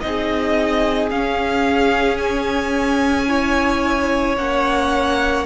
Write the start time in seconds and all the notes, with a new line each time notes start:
0.00 C4 D#4 G#4 D#5
1.10 C#4 F5
2.17 G#5
3.28 E4 C#5
4.37 A#3 C#4 F#5